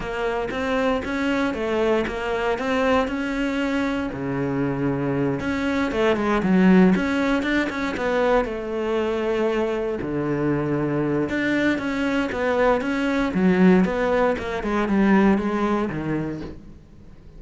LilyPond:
\new Staff \with { instrumentName = "cello" } { \time 4/4 \tempo 4 = 117 ais4 c'4 cis'4 a4 | ais4 c'4 cis'2 | cis2~ cis8 cis'4 a8 | gis8 fis4 cis'4 d'8 cis'8 b8~ |
b8 a2. d8~ | d2 d'4 cis'4 | b4 cis'4 fis4 b4 | ais8 gis8 g4 gis4 dis4 | }